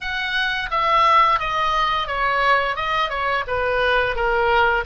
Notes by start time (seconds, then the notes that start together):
0.01 F#5
0.71 E5
1.39 D#5
2.07 C#5
2.76 D#5
3.09 C#5
3.47 B4
4.15 A#4